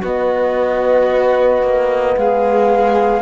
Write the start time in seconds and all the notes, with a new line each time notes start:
0.00 B3 F#4 D#5
1.62 A#3
2.17 G#3 G#4 F5